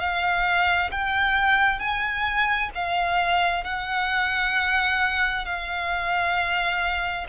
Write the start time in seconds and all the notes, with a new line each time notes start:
0.00 F5
0.92 G5
1.80 G#5
2.75 F5
3.64 F#5
5.45 F5